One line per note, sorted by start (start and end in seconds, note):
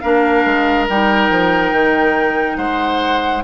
0.00 0.45 A#3
0.00 0.89 D4
0.00 2.57 A#4
0.00 0.86 F5
0.45 0.88 G#3
0.89 1.30 G3
0.89 3.43 D#4
0.89 2.57 G5
1.30 1.72 F3
1.72 2.57 D#3
2.57 3.43 G#3
2.57 3.43 C5
2.57 3.42 F#5